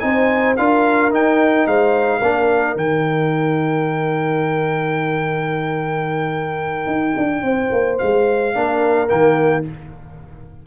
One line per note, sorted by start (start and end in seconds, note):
0.00 0.58 C4
0.00 0.56 D#4
0.00 0.60 C5
0.00 0.55 G#5
0.57 1.11 D4
0.57 1.11 F4
0.57 1.68 A#4
0.57 1.12 F5
1.11 1.66 D#4
1.11 2.21 D#4
1.11 1.68 G5
1.67 2.22 G#3
1.67 2.19 C5
1.67 2.78 F5
2.19 2.76 A#3
2.19 2.78 D4
2.19 7.42 A#4
2.76 6.87 D#3
2.76 8.55 D#4
2.76 7.99 G5
6.87 7.15 D#4
7.18 7.43 D4
7.43 7.70 C4
7.43 8.56 C5
7.72 8.00 A#3
7.99 8.55 G#3
7.99 9.09 F5
8.55 9.10 A#3
8.55 9.08 D4
8.55 9.66 A#4
9.08 9.67 D#3
9.08 9.63 A#3
9.08 9.64 G5